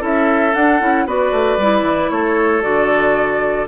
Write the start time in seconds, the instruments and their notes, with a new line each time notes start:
0.00 bassoon C#4, clarinet E4, oboe A4, flute E5
0.55 bassoon D4, clarinet D4, flute F#5
0.81 bassoon C#4, clarinet E4
1.06 bassoon B3, clarinet F#4, oboe B4, flute D5
1.32 bassoon A3
1.58 bassoon G3, clarinet E4
1.82 bassoon E3
2.10 bassoon A3, oboe A4, flute C#5
2.62 bassoon D3, clarinet F#4, flute D5